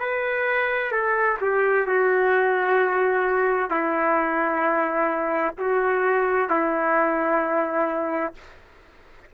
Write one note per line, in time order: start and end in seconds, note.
0.00 0.92 B4
0.92 1.38 A4
1.41 1.87 G4
1.87 3.70 F#4
3.70 5.55 E4
5.58 6.50 F#4
6.50 8.34 E4